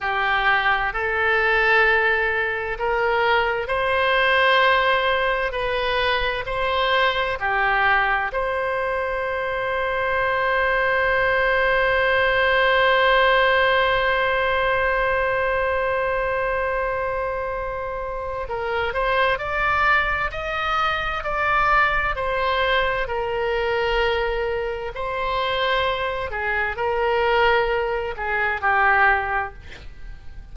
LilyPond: \new Staff \with { instrumentName = "oboe" } { \time 4/4 \tempo 4 = 65 g'4 a'2 ais'4 | c''2 b'4 c''4 | g'4 c''2.~ | c''1~ |
c''1 | ais'8 c''8 d''4 dis''4 d''4 | c''4 ais'2 c''4~ | c''8 gis'8 ais'4. gis'8 g'4 | }